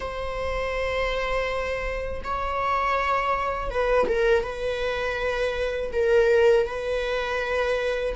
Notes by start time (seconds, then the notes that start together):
0.00 C5
2.24 C#5
3.70 B4
4.08 A#4
4.43 B4
5.92 A#4
6.66 B4